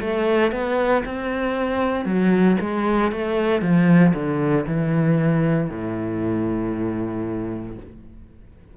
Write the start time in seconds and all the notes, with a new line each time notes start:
0.00 A3
0.51 B3
1.05 C4
2.05 F#3
2.60 G#3
3.11 A3
3.61 F3
4.13 D3
4.66 E3
5.69 A2